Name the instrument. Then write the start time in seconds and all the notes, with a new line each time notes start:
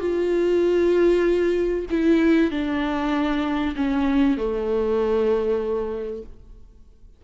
viola
0.00 F4
1.90 E4
2.51 D4
3.75 C#4
4.37 A3